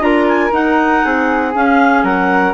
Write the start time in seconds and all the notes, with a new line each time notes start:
0.00 D4 F4 A#4 A#5
0.28 G#5
0.52 D#4 F#5
1.05 C4 G#4
1.55 C#4 F5
2.03 F#3 A#4 F#5